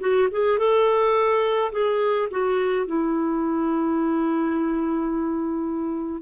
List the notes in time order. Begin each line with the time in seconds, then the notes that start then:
0.00 F#4
0.31 G#4
0.58 A4
1.71 G#4
2.31 F#4
2.86 E4